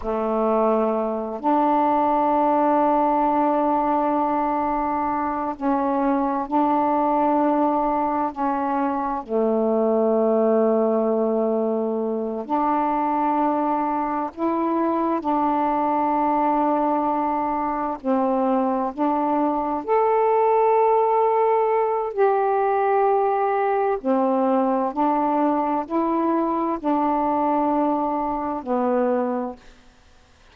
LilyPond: \new Staff \with { instrumentName = "saxophone" } { \time 4/4 \tempo 4 = 65 a4. d'2~ d'8~ | d'2 cis'4 d'4~ | d'4 cis'4 a2~ | a4. d'2 e'8~ |
e'8 d'2. c'8~ | c'8 d'4 a'2~ a'8 | g'2 c'4 d'4 | e'4 d'2 b4 | }